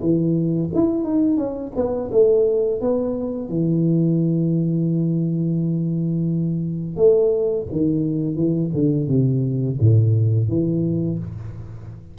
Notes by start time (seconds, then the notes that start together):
0.00 E3
0.74 E4
1.04 D#4
1.37 C#4
1.75 B3
2.12 A3
2.80 B3
3.49 E3
6.96 A3
7.71 D#3
8.35 E3
8.73 D3
9.07 C3
9.80 A2
10.48 E3